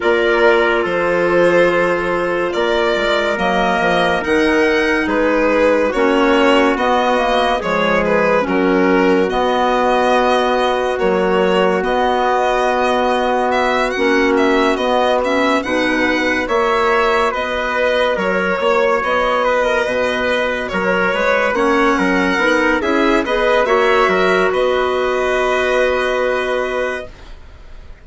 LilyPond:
<<
  \new Staff \with { instrumentName = "violin" } { \time 4/4 \tempo 4 = 71 d''4 c''2 d''4 | dis''4 fis''4 b'4 cis''4 | dis''4 cis''8 b'8 ais'4 dis''4~ | dis''4 cis''4 dis''2 |
e''8 fis''8 e''8 dis''8 e''8 fis''4 e''8~ | e''8 dis''4 cis''4 dis''4.~ | dis''8 cis''4 fis''4. e''8 dis''8 | e''4 dis''2. | }
  \new Staff \with { instrumentName = "trumpet" } { \time 4/4 ais'4 a'2 ais'4~ | ais'2 gis'4 fis'4~ | fis'4 gis'4 fis'2~ | fis'1~ |
fis'2~ fis'8 b'4 cis''8~ | cis''8 b'4 ais'8 cis''4 b'16 ais'16 b'8~ | b'8 ais'8 b'8 cis''8 ais'4 gis'8 b'8 | cis''8 ais'8 b'2. | }
  \new Staff \with { instrumentName = "clarinet" } { \time 4/4 f'1 | ais4 dis'2 cis'4 | b8 ais8 gis4 cis'4 b4~ | b4 fis4 b2~ |
b8 cis'4 b8 cis'8 dis'4 fis'8~ | fis'1~ | fis'4. cis'4 dis'8 e'8 gis'8 | fis'1 | }
  \new Staff \with { instrumentName = "bassoon" } { \time 4/4 ais4 f2 ais8 gis8 | fis8 f8 dis4 gis4 ais4 | b4 f4 fis4 b4~ | b4 ais4 b2~ |
b8 ais4 b4 b,4 ais8~ | ais8 b4 fis8 ais8 b4 b,8~ | b,8 fis8 gis8 ais8 fis8 b8 cis'8 b8 | ais8 fis8 b2. | }
>>